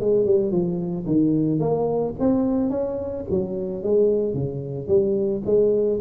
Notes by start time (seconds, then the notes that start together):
0.00 G#3
0.26 G3
0.51 F3
1.06 D#3
1.60 A#3
2.20 C4
2.70 C#4
3.30 F#3
3.83 G#3
4.34 C#3
4.87 G3
5.45 G#3